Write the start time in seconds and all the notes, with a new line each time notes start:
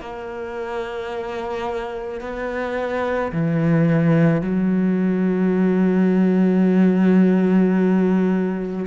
0.00 A#3
2.21 B3
3.32 E3
4.41 F#3